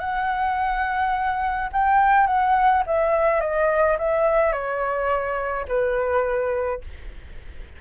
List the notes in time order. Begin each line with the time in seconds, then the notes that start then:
0.00 F#5
1.73 G5
2.27 F#5
2.87 E5
3.41 D#5
3.99 E5
4.53 C#5
5.68 B4